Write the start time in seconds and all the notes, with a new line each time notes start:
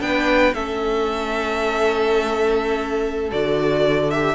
0.00 B3 D4 B4 G5
0.54 A3 C#4 A4 E5
3.31 D3 F#4 D5
4.11 G4 E5